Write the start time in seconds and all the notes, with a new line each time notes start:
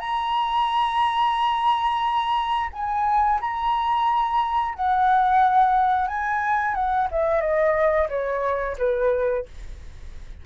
0.00 A#5
2.73 G#5
3.41 A#5
4.75 F#5
6.08 G#5
6.74 F#5
7.11 E5
7.41 D#5
8.09 C#5
8.78 B4